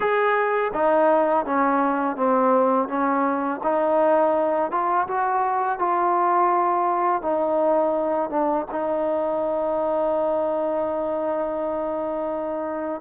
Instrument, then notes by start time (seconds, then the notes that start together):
trombone
0.00 G#4
0.73 D#4
1.45 C#4
2.16 C4
2.88 C#4
3.63 D#4
4.71 F4
5.07 F#4
5.78 F4
7.22 D#4
8.30 D4
8.71 D#4